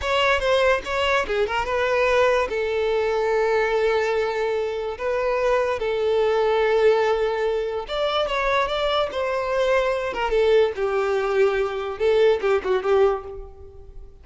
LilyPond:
\new Staff \with { instrumentName = "violin" } { \time 4/4 \tempo 4 = 145 cis''4 c''4 cis''4 gis'8 ais'8 | b'2 a'2~ | a'1 | b'2 a'2~ |
a'2. d''4 | cis''4 d''4 c''2~ | c''8 ais'8 a'4 g'2~ | g'4 a'4 g'8 fis'8 g'4 | }